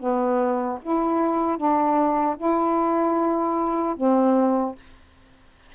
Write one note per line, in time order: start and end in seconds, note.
0.00 0.79 B3
0.83 1.58 E4
1.58 2.36 D4
2.38 3.96 E4
3.97 4.76 C4